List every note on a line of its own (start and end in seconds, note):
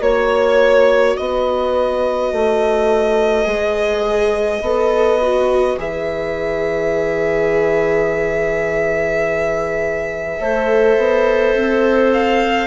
0.00 1.16 A#3
0.00 3.45 F#4
0.00 1.18 C#5
0.00 1.16 C#5
1.16 2.33 B3
1.16 10.39 B4
1.16 5.79 D#5
2.33 3.47 A3
3.45 4.61 G#3
3.45 4.60 G#4
4.61 5.77 B3
4.61 5.21 A4
5.21 5.78 F#4
5.78 10.39 E3
5.78 10.40 G#4
5.78 12.13 E5
10.40 10.97 A3
10.40 12.67 A4
10.40 12.67 C5
10.97 11.55 B3
11.55 12.67 C4
12.13 12.67 F5